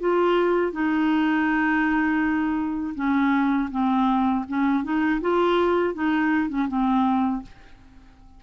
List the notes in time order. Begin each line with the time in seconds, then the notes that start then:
0.00 F4
0.72 D#4
2.96 C#4
3.71 C4
4.48 C#4
4.84 D#4
5.21 F4
5.95 D#4
6.49 C#4
6.68 C4